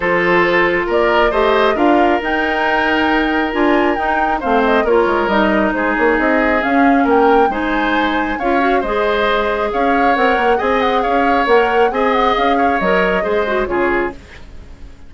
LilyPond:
<<
  \new Staff \with { instrumentName = "flute" } { \time 4/4 \tempo 4 = 136 c''2 d''4 dis''4 | f''4 g''2. | gis''4 g''4 f''8 dis''8 cis''4 | dis''4 c''8 cis''8 dis''4 f''4 |
g''4 gis''2 f''4 | dis''2 f''4 fis''4 | gis''8 fis''8 f''4 fis''4 gis''8 fis''8 | f''4 dis''2 cis''4 | }
  \new Staff \with { instrumentName = "oboe" } { \time 4/4 a'2 ais'4 c''4 | ais'1~ | ais'2 c''4 ais'4~ | ais'4 gis'2. |
ais'4 c''2 cis''4 | c''2 cis''2 | dis''4 cis''2 dis''4~ | dis''8 cis''4. c''4 gis'4 | }
  \new Staff \with { instrumentName = "clarinet" } { \time 4/4 f'2. g'4 | f'4 dis'2. | f'4 dis'4 c'4 f'4 | dis'2. cis'4~ |
cis'4 dis'2 f'8 fis'8 | gis'2. ais'4 | gis'2 ais'4 gis'4~ | gis'4 ais'4 gis'8 fis'8 f'4 | }
  \new Staff \with { instrumentName = "bassoon" } { \time 4/4 f2 ais4 a4 | d'4 dis'2. | d'4 dis'4 a4 ais8 gis8 | g4 gis8 ais8 c'4 cis'4 |
ais4 gis2 cis'4 | gis2 cis'4 c'8 ais8 | c'4 cis'4 ais4 c'4 | cis'4 fis4 gis4 cis4 | }
>>